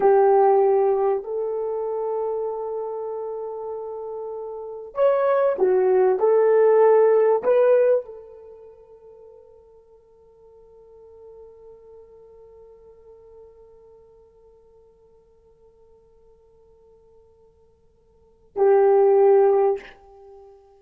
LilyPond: \new Staff \with { instrumentName = "horn" } { \time 4/4 \tempo 4 = 97 g'2 a'2~ | a'1 | cis''4 fis'4 a'2 | b'4 a'2.~ |
a'1~ | a'1~ | a'1~ | a'2 g'2 | }